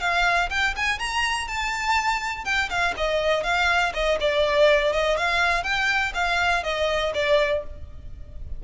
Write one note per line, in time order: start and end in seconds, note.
0.00 0.49 F5
0.50 0.74 G5
0.76 0.99 G#5
0.99 1.48 A#5
1.48 2.45 A5
2.45 2.69 G5
2.70 2.94 F5
2.97 3.43 D#5
3.43 3.92 F5
3.94 4.18 D#5
4.20 4.92 D5
4.92 5.17 D#5
5.17 5.63 F5
5.63 6.13 G5
6.14 6.63 F5
6.63 7.12 D#5
7.14 7.63 D5